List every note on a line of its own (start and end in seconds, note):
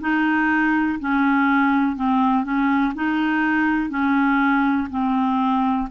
0.00 0.98 D#4
0.99 1.95 C#4
1.95 2.44 C4
2.44 2.93 C#4
2.94 3.89 D#4
3.89 4.88 C#4
4.90 5.88 C4